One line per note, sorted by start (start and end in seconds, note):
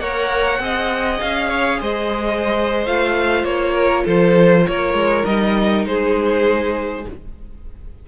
0.00 0.59 A#3
0.00 0.60 A#4
0.00 0.62 C#5
0.00 1.20 F#5
0.59 1.19 C4
0.59 2.85 G#4
0.59 1.49 D#5
1.20 1.82 C#4
1.20 1.80 F5
1.49 1.79 C#5
1.80 2.87 G#3
1.80 3.74 C5
1.80 2.86 D#5
2.86 3.44 A3
2.86 5.26 F4
2.86 3.45 F5
3.44 4.04 A#3
3.44 4.05 C#5
3.74 4.04 A#4
4.04 4.67 F3
4.04 4.64 A4
4.04 4.67 C5
4.67 4.94 A#3
4.67 5.88 A#4
4.67 5.26 C#5
4.94 5.24 G#3
5.26 5.86 G3
5.26 7.06 D#4
5.26 5.86 D#5
5.86 7.05 G#3
5.86 7.08 G#4
5.86 7.06 C5